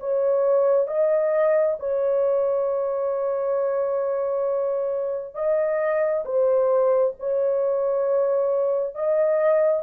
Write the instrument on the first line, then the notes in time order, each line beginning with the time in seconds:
horn
0.00 C#5
0.88 D#5
1.80 C#5
5.35 D#5
6.25 C5
7.19 C#5
8.95 D#5